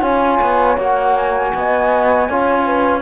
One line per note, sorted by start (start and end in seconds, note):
0.00 0.39 C#4
0.00 0.76 F4
0.00 1.50 C#5
0.00 0.78 G#5
0.41 0.77 B3
0.77 1.52 A#3
0.77 2.29 F#4
0.77 1.16 F#5
1.16 3.01 G#5
1.54 2.29 B3
1.54 2.30 D#5
2.29 3.01 C#4
2.29 3.01 F4
2.29 2.66 C#5
2.66 3.01 B4